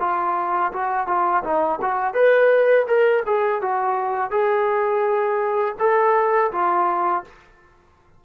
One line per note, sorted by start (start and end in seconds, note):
0.00 0.72 F4
0.73 1.07 F#4
1.07 1.44 F4
1.44 1.80 D#4
1.82 2.14 F#4
2.14 2.87 B4
2.88 3.24 A#4
3.26 3.62 G#4
3.62 4.31 F#4
4.31 5.75 G#4
5.79 6.52 A4
6.52 7.24 F4